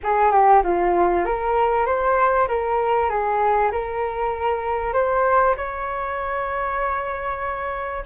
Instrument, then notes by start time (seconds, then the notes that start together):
flute
0.03 G#4
0.31 G4
0.63 F4
1.25 A#4
1.86 C5
2.47 A#4
3.09 G#4
3.71 A#4
4.93 C5
5.56 C#5